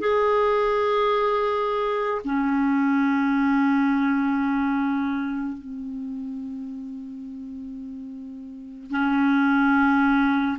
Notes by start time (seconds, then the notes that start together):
0.00 G#4
2.25 C#4
5.58 C4
8.91 C#4